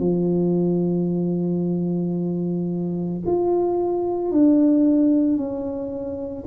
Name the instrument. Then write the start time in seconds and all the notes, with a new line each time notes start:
tuba
0.00 F3
3.26 F4
4.31 D4
5.37 C#4